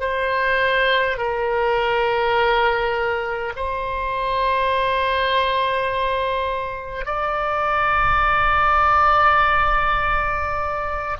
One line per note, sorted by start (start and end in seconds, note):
0.00 1.18 C5
1.18 3.53 A#4
3.56 7.05 C5
7.05 11.17 D5